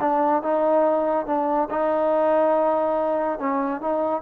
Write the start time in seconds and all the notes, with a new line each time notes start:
0.00 D4
0.42 D#4
1.26 D4
1.70 D#4
3.39 C#4
3.81 D#4